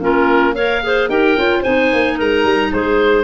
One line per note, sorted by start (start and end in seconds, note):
0.00 1.09 A#3
0.00 0.55 C#4
0.00 0.54 F4
0.00 0.55 A#4
0.54 0.83 A#4
0.54 0.81 C#5
0.54 1.09 F5
0.83 1.10 G#4
0.83 1.10 C5
1.09 1.36 D#4
1.09 1.37 G4
1.09 1.60 A#4
1.09 1.63 G5
1.37 1.64 C#4
1.37 1.65 F4
1.60 1.93 C4
1.60 3.24 D#4
1.60 2.15 C5
1.60 2.18 G#5
1.93 2.20 A#3
2.16 2.44 G#3
2.16 2.70 A#4
2.16 2.73 A#5
2.44 2.71 G3
2.73 3.24 G#3
2.73 3.24 G#4
2.73 3.24 C5